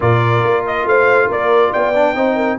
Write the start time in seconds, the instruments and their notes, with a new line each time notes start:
0.00 tuba A#2, trombone F4, horn A#4, trumpet D5
0.43 tuba A#3
0.66 trumpet D#5
0.85 tuba A3, horn C5, trumpet F5
1.27 tuba A#3, horn A#4, trumpet D5
1.71 tuba B3, horn D5, trumpet G5
1.94 trombone D4
2.15 tuba C4, trombone D#4, horn C5
2.35 horn A#4